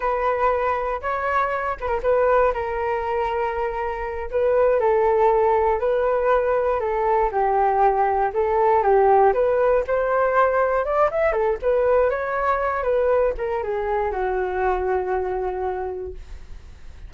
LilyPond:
\new Staff \with { instrumentName = "flute" } { \time 4/4 \tempo 4 = 119 b'2 cis''4. b'16 ais'16 | b'4 ais'2.~ | ais'8 b'4 a'2 b'8~ | b'4. a'4 g'4.~ |
g'8 a'4 g'4 b'4 c''8~ | c''4. d''8 e''8 a'8 b'4 | cis''4. b'4 ais'8 gis'4 | fis'1 | }